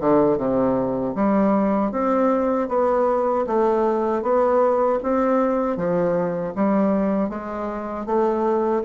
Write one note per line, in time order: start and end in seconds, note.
0.00 0.38 D3
0.38 1.15 C3
1.15 1.92 G3
1.92 2.69 C4
2.69 3.45 B3
3.47 4.22 A3
4.22 4.99 B3
5.03 5.77 C4
5.77 6.54 F3
6.56 7.29 G3
7.29 8.06 G#3
8.06 8.83 A3